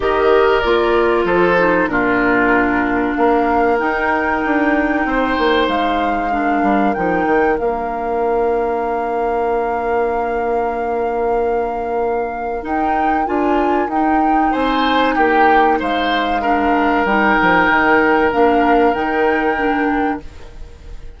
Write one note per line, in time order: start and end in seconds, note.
0.00 0.63 D#3
0.00 0.62 G4
0.00 1.25 A#4
0.00 0.60 D#5
0.60 1.24 A#3
0.60 1.58 F4
0.60 1.23 D5
1.24 1.87 F3
1.24 1.88 A4
1.24 1.87 C5
1.58 1.89 D#4
1.87 3.14 A#2
1.87 3.78 D4
1.87 3.17 F4
1.87 3.14 A#4
3.14 3.80 A#3
3.14 5.07 A#4
3.14 3.78 F5
3.78 6.31 D#4
3.78 4.44 D#4
3.78 5.68 G5
4.45 5.05 D4
5.05 5.37 C4
5.05 6.32 C5
5.38 5.68 A#3
5.68 6.62 G#3
5.68 6.94 F5
6.31 6.94 D4
6.31 14.51 A#4
6.62 6.93 G3
6.94 7.25 F3
6.94 7.59 D#4
6.94 7.57 G5
7.25 7.57 D#3
7.59 12.64 A#3
7.59 12.61 D4
7.59 12.64 F5
12.61 13.24 D#4
12.61 13.27 D#4
12.61 13.26 G5
13.25 13.87 D4
13.25 13.89 F4
13.25 13.89 G#5
13.87 14.51 D#4
13.87 16.42 D#4
13.87 14.53 G5
14.51 15.17 C4
14.51 15.14 C5
14.51 15.15 G#5
15.15 15.80 A#3
15.15 15.78 G4
15.15 15.78 G5
15.79 17.04 G#3
15.79 16.41 C5
15.79 17.05 F5
16.41 17.06 D4
16.41 20.20 A#4
17.04 17.36 G3
17.04 18.31 D#4
17.04 18.32 G5
17.41 17.69 F3
17.69 18.32 D#3
18.31 18.94 A#3
18.31 18.94 D4
18.31 18.94 F5
18.94 20.20 D#3
18.94 19.56 D#4
18.94 20.20 G5
19.56 20.20 D4